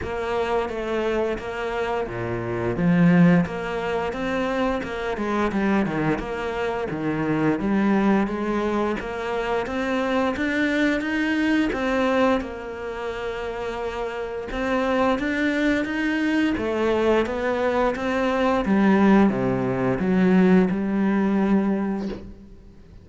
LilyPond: \new Staff \with { instrumentName = "cello" } { \time 4/4 \tempo 4 = 87 ais4 a4 ais4 ais,4 | f4 ais4 c'4 ais8 gis8 | g8 dis8 ais4 dis4 g4 | gis4 ais4 c'4 d'4 |
dis'4 c'4 ais2~ | ais4 c'4 d'4 dis'4 | a4 b4 c'4 g4 | c4 fis4 g2 | }